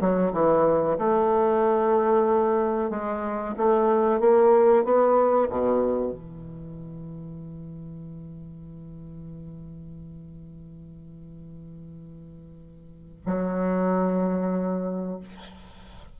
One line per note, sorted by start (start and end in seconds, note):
0.00 0.32 F#3
0.33 0.97 E3
0.98 2.90 A3
2.90 3.55 G#3
3.57 4.20 A3
4.20 4.84 A#3
4.84 5.49 B3
5.49 6.12 B2
6.12 13.21 E3
13.26 15.19 F#3